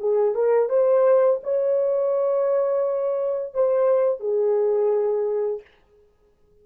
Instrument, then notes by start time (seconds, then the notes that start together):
horn
0.00 G#4
0.35 A#4
0.69 C5
1.43 C#5
3.54 C5
4.20 G#4